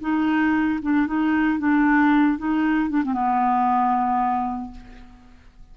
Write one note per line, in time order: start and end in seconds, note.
0.00 0.79 D#4
0.81 1.06 D4
1.06 1.58 D#4
1.58 2.37 D4
2.38 2.89 D#4
2.89 3.02 D4
3.04 3.13 C4
3.13 4.71 B3